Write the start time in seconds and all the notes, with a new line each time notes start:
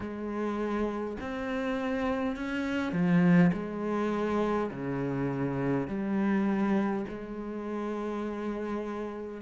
0.00 G#3
1.20 C4
2.35 C#4
2.92 F3
3.52 G#3
4.71 C#3
5.87 G3
7.08 G#3